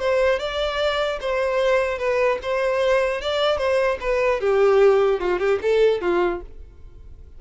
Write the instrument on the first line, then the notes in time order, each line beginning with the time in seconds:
violin
0.00 C5
0.40 D5
1.21 C5
1.99 B4
2.43 C5
3.22 D5
3.58 C5
4.01 B4
4.41 G4
5.20 F4
5.40 G4
5.63 A4
6.02 F4